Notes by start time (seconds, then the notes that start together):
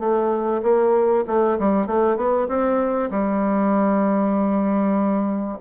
0.00 A3
0.63 A#3
1.27 A3
1.59 G3
1.87 A3
2.17 B3
2.49 C4
3.11 G3